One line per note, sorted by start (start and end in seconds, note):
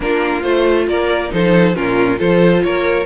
0.00 0.43 A#3
0.00 0.43 D4
0.00 0.88 F4
0.00 0.42 A#4
0.42 0.87 A3
0.42 1.30 F4
0.42 0.86 C5
0.87 1.30 A#3
0.87 1.32 A#4
0.87 1.32 D5
1.30 1.75 F3
1.30 1.73 D#4
1.30 1.76 A4
1.30 1.75 C5
1.74 2.19 A#2
1.74 2.17 C#4
1.74 2.18 F4
1.74 2.19 A#4
2.17 2.63 F3
2.17 3.04 F4
2.17 2.62 A4
2.17 2.62 C5
2.62 3.05 A#3
2.62 3.05 A#4
2.62 3.05 C#5